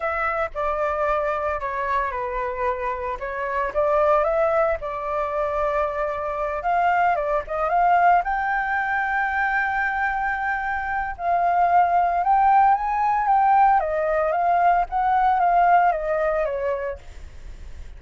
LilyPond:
\new Staff \with { instrumentName = "flute" } { \time 4/4 \tempo 4 = 113 e''4 d''2 cis''4 | b'2 cis''4 d''4 | e''4 d''2.~ | d''8 f''4 d''8 dis''8 f''4 g''8~ |
g''1~ | g''4 f''2 g''4 | gis''4 g''4 dis''4 f''4 | fis''4 f''4 dis''4 cis''4 | }